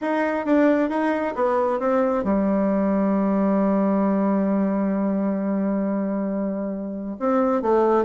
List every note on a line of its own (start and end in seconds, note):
0.01 0.45 D#4
0.45 0.89 D4
0.89 1.34 D#4
1.35 1.79 B3
1.79 2.24 C4
2.24 7.16 G3
7.19 7.62 C4
7.62 8.05 A3